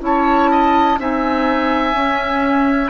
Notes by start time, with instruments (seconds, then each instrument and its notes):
0.00 bassoon C#4, clarinet E4, oboe C#5, flute A5
0.51 oboe D#5
0.98 bassoon C4, clarinet D#4, oboe E5, flute G#5
1.93 clarinet C#4, bassoon C#4